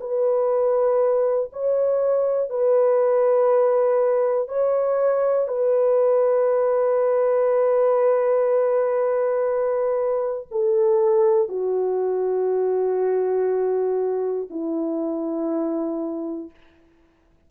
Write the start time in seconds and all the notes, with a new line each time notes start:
0.00 B4
1.52 C#5
2.49 B4
4.48 C#5
5.48 B4
10.51 A4
11.49 F#4
14.50 E4